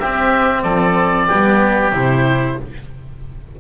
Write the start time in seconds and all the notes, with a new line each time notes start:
0.00 C4 G4 E5
0.63 F3 A4 D5
1.28 G3 B3 G4
1.92 C3 E4 C5